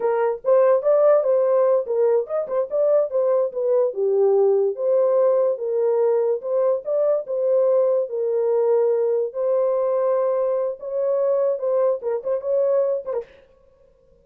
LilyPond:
\new Staff \with { instrumentName = "horn" } { \time 4/4 \tempo 4 = 145 ais'4 c''4 d''4 c''4~ | c''8 ais'4 dis''8 c''8 d''4 c''8~ | c''8 b'4 g'2 c''8~ | c''4. ais'2 c''8~ |
c''8 d''4 c''2 ais'8~ | ais'2~ ais'8 c''4.~ | c''2 cis''2 | c''4 ais'8 c''8 cis''4. c''16 ais'16 | }